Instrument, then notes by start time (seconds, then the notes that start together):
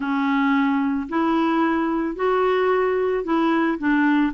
clarinet
0.00 C#4
1.08 E4
2.15 F#4
3.23 E4
3.78 D4